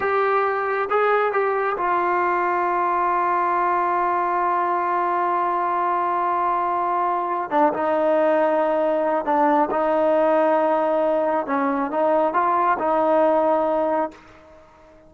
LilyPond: \new Staff \with { instrumentName = "trombone" } { \time 4/4 \tempo 4 = 136 g'2 gis'4 g'4 | f'1~ | f'1~ | f'1~ |
f'4 d'8 dis'2~ dis'8~ | dis'4 d'4 dis'2~ | dis'2 cis'4 dis'4 | f'4 dis'2. | }